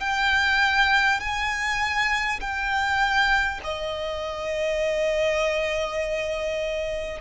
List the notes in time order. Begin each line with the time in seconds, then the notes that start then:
0.00 G5
1.20 G#5
2.41 G5
3.64 D#5